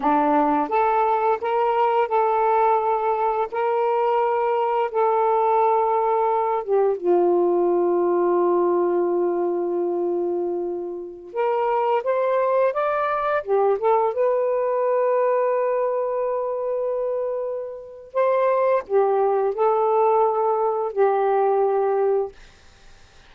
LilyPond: \new Staff \with { instrumentName = "saxophone" } { \time 4/4 \tempo 4 = 86 d'4 a'4 ais'4 a'4~ | a'4 ais'2 a'4~ | a'4. g'8 f'2~ | f'1~ |
f'16 ais'4 c''4 d''4 g'8 a'16~ | a'16 b'2.~ b'8.~ | b'2 c''4 g'4 | a'2 g'2 | }